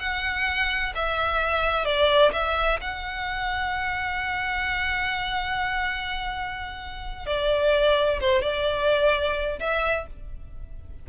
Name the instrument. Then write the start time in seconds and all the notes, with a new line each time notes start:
violin
0.00 F#5
0.95 E5
1.85 D5
2.33 E5
2.81 F#5
7.27 D5
8.21 C5
8.42 D5
9.60 E5